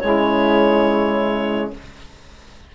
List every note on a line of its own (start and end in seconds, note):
0.00 1.75 C#3
0.00 1.74 G#3
0.00 1.74 E4
0.00 1.71 C#5